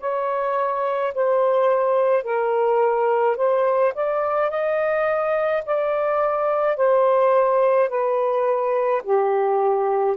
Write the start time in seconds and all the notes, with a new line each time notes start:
0.00 C#5
1.15 C5
2.24 A#4
3.37 C5
3.95 D5
4.50 D#5
5.66 D5
6.77 C5
7.89 B4
9.04 G4